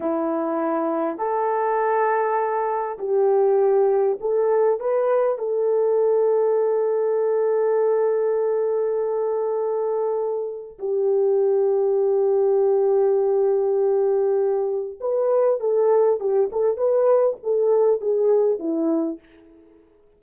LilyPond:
\new Staff \with { instrumentName = "horn" } { \time 4/4 \tempo 4 = 100 e'2 a'2~ | a'4 g'2 a'4 | b'4 a'2.~ | a'1~ |
a'2 g'2~ | g'1~ | g'4 b'4 a'4 g'8 a'8 | b'4 a'4 gis'4 e'4 | }